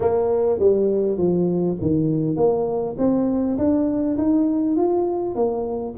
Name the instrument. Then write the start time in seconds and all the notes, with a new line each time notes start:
tuba
0.00 A#3
0.59 G3
1.17 F3
1.81 D#3
2.36 A#3
2.98 C4
3.58 D4
4.17 D#4
4.76 F4
5.35 A#3